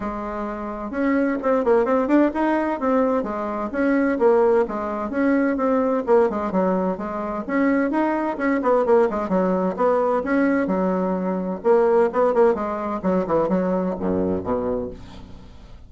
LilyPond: \new Staff \with { instrumentName = "bassoon" } { \time 4/4 \tempo 4 = 129 gis2 cis'4 c'8 ais8 | c'8 d'8 dis'4 c'4 gis4 | cis'4 ais4 gis4 cis'4 | c'4 ais8 gis8 fis4 gis4 |
cis'4 dis'4 cis'8 b8 ais8 gis8 | fis4 b4 cis'4 fis4~ | fis4 ais4 b8 ais8 gis4 | fis8 e8 fis4 fis,4 b,4 | }